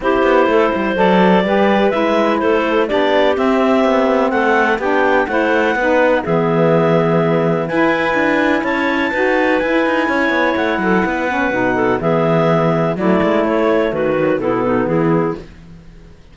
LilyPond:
<<
  \new Staff \with { instrumentName = "clarinet" } { \time 4/4 \tempo 4 = 125 c''2 d''2 | e''4 c''4 d''4 e''4~ | e''4 fis''4 g''4 fis''4~ | fis''4 e''2. |
gis''2 a''2 | gis''2 fis''2~ | fis''4 e''2 d''4 | cis''4 b'4 a'4 gis'4 | }
  \new Staff \with { instrumentName = "clarinet" } { \time 4/4 g'4 a'8 c''4. b'4~ | b'4 a'4 g'2~ | g'4 a'4 g'4 c''4 | b'4 gis'2. |
b'2 cis''4 b'4~ | b'4 cis''4. a'8 b'4~ | b'8 a'8 gis'2 e'4~ | e'4 fis'4 e'8 dis'8 e'4 | }
  \new Staff \with { instrumentName = "saxophone" } { \time 4/4 e'2 a'4 g'4 | e'2 d'4 c'4~ | c'2 d'4 e'4 | dis'4 b2. |
e'2. fis'4 | e'2.~ e'8 cis'8 | dis'4 b2 a4~ | a4. fis8 b2 | }
  \new Staff \with { instrumentName = "cello" } { \time 4/4 c'8 b8 a8 g8 fis4 g4 | gis4 a4 b4 c'4 | b4 a4 b4 a4 | b4 e2. |
e'4 d'4 cis'4 dis'4 | e'8 dis'8 cis'8 b8 a8 fis8 b4 | b,4 e2 fis8 gis8 | a4 dis4 b,4 e4 | }
>>